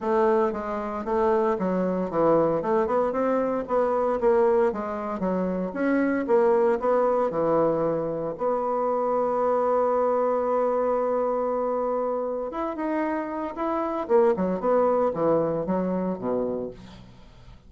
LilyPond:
\new Staff \with { instrumentName = "bassoon" } { \time 4/4 \tempo 4 = 115 a4 gis4 a4 fis4 | e4 a8 b8 c'4 b4 | ais4 gis4 fis4 cis'4 | ais4 b4 e2 |
b1~ | b1 | e'8 dis'4. e'4 ais8 fis8 | b4 e4 fis4 b,4 | }